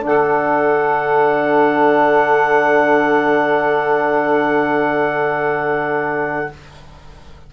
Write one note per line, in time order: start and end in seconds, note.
0.00 6.53 D3
0.00 6.47 D4
0.00 6.52 A4
0.06 6.53 F#5